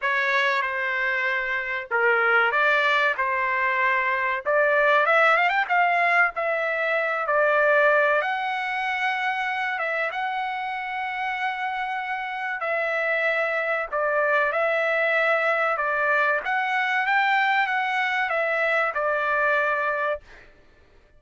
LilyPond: \new Staff \with { instrumentName = "trumpet" } { \time 4/4 \tempo 4 = 95 cis''4 c''2 ais'4 | d''4 c''2 d''4 | e''8 f''16 g''16 f''4 e''4. d''8~ | d''4 fis''2~ fis''8 e''8 |
fis''1 | e''2 d''4 e''4~ | e''4 d''4 fis''4 g''4 | fis''4 e''4 d''2 | }